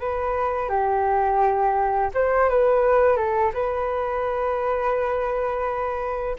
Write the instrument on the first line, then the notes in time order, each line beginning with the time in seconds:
flute
0.00 B4
0.69 G4
2.14 C5
2.50 B4
3.16 A4
3.54 B4